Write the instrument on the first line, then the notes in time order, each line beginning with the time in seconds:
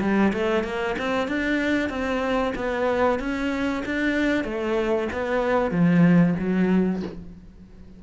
cello
0.00 G3
0.32 A3
0.63 A#3
0.98 C4
1.27 D4
1.89 C4
2.55 B3
3.19 C#4
3.85 D4
4.44 A3
5.12 B3
5.71 F3
6.39 F#3